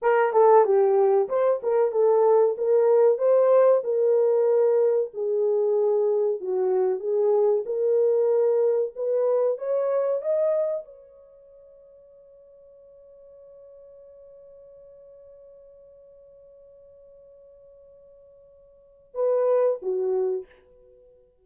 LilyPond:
\new Staff \with { instrumentName = "horn" } { \time 4/4 \tempo 4 = 94 ais'8 a'8 g'4 c''8 ais'8 a'4 | ais'4 c''4 ais'2 | gis'2 fis'4 gis'4 | ais'2 b'4 cis''4 |
dis''4 cis''2.~ | cis''1~ | cis''1~ | cis''2 b'4 fis'4 | }